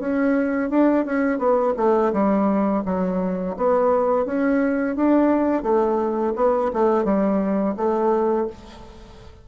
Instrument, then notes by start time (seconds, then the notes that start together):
bassoon
0.00 C#4
0.71 D4
1.06 C#4
1.39 B3
1.77 A3
2.13 G3
2.86 F#3
3.57 B3
4.26 C#4
4.97 D4
5.63 A3
6.36 B3
6.74 A3
7.05 G3
7.77 A3